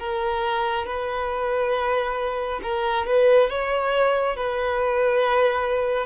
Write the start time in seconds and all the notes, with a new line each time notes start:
0.00 A#4
0.87 B4
2.63 A#4
3.07 B4
3.50 C#5
4.37 B4